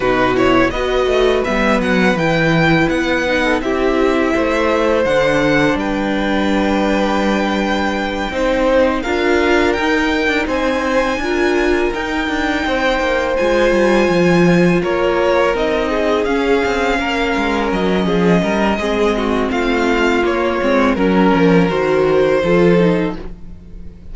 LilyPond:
<<
  \new Staff \with { instrumentName = "violin" } { \time 4/4 \tempo 4 = 83 b'8 cis''8 dis''4 e''8 fis''8 g''4 | fis''4 e''2 fis''4 | g''1~ | g''8 f''4 g''4 gis''4.~ |
gis''8 g''2 gis''4.~ | gis''8 cis''4 dis''4 f''4.~ | f''8 dis''2~ dis''8 f''4 | cis''4 ais'4 c''2 | }
  \new Staff \with { instrumentName = "violin" } { \time 4/4 fis'4 b'2.~ | b'8. a'16 g'4 c''2 | b'2.~ b'8 c''8~ | c''8 ais'2 c''4 ais'8~ |
ais'4. c''2~ c''8~ | c''8 ais'4. gis'4. ais'8~ | ais'4 gis'8 ais'8 gis'8 fis'8 f'4~ | f'4 ais'2 a'4 | }
  \new Staff \with { instrumentName = "viola" } { \time 4/4 dis'8 e'8 fis'4 b4 e'4~ | e'8 dis'8 e'2 d'4~ | d'2.~ d'8 dis'8~ | dis'8 f'4 dis'2 f'8~ |
f'8 dis'2 f'4.~ | f'4. dis'4 cis'4.~ | cis'2 c'2 | ais8 c'8 cis'4 fis'4 f'8 dis'8 | }
  \new Staff \with { instrumentName = "cello" } { \time 4/4 b,4 b8 a8 g8 fis8 e4 | b4 c'4 a4 d4 | g2.~ g8 c'8~ | c'8 d'4 dis'8. d'16 c'4 d'8~ |
d'8 dis'8 d'8 c'8 ais8 gis8 g8 f8~ | f8 ais4 c'4 cis'8 c'8 ais8 | gis8 fis8 f8 g8 gis4 a4 | ais8 gis8 fis8 f8 dis4 f4 | }
>>